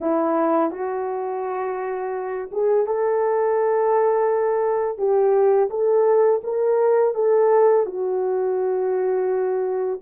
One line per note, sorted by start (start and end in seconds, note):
0.00 0.71 E4
0.71 2.50 F#4
2.51 2.86 G#4
2.86 4.97 A4
4.97 5.69 G4
5.69 6.41 A4
6.43 7.14 A#4
7.14 7.85 A4
7.86 10.00 F#4